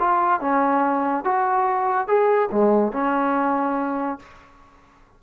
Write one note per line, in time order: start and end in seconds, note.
0.00 0.41 F4
0.41 1.25 C#4
1.25 2.08 F#4
2.08 2.50 G#4
2.52 2.93 G#3
2.93 4.20 C#4